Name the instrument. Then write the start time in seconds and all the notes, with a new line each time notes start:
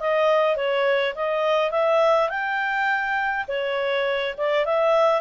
clarinet
0.00 D#5
0.56 C#5
1.15 D#5
1.71 E5
2.30 G5
3.48 C#5
4.37 D5
4.66 E5